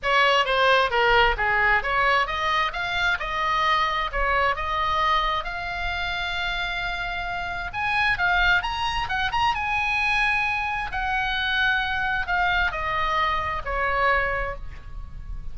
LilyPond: \new Staff \with { instrumentName = "oboe" } { \time 4/4 \tempo 4 = 132 cis''4 c''4 ais'4 gis'4 | cis''4 dis''4 f''4 dis''4~ | dis''4 cis''4 dis''2 | f''1~ |
f''4 gis''4 f''4 ais''4 | fis''8 ais''8 gis''2. | fis''2. f''4 | dis''2 cis''2 | }